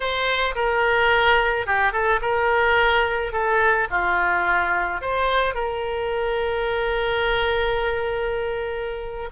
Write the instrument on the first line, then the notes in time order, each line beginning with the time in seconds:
oboe
0.00 C5
0.55 A#4
1.66 G4
1.92 A4
2.21 A#4
3.32 A4
3.90 F4
5.01 C5
5.54 A#4